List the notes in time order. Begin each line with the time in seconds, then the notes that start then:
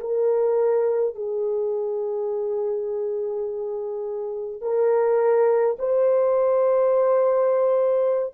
0.00 A#4
1.15 G#4
4.62 A#4
5.79 C5